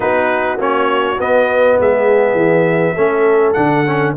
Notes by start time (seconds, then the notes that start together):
0.00 B3 D#4 F#4 B4
0.57 A#3 C#4 C#5
1.18 B3 D#5
1.79 G#3 G#4 E5
2.34 E3
2.94 A3 C#4 A4
3.53 D3 D4 F#5
3.86 C#4